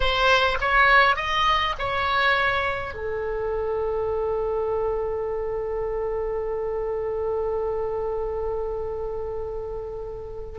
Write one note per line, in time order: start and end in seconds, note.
0.00 0.57 C5
0.60 1.16 C#5
1.16 1.74 D#5
1.79 2.94 C#5
2.94 10.58 A4